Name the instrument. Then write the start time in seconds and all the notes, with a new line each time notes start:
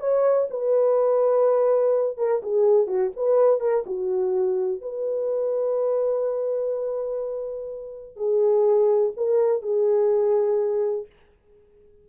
horn
0.00 C#5
0.50 B4
2.17 A#4
2.43 G#4
2.87 F#4
3.16 B4
3.60 A#4
3.86 F#4
4.82 B4
8.16 G#4
9.17 A#4
9.62 G#4